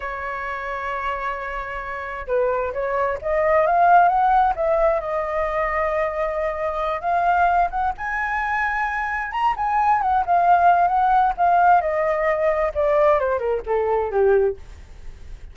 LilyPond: \new Staff \with { instrumentName = "flute" } { \time 4/4 \tempo 4 = 132 cis''1~ | cis''4 b'4 cis''4 dis''4 | f''4 fis''4 e''4 dis''4~ | dis''2.~ dis''8 f''8~ |
f''4 fis''8 gis''2~ gis''8~ | gis''8 ais''8 gis''4 fis''8 f''4. | fis''4 f''4 dis''2 | d''4 c''8 ais'8 a'4 g'4 | }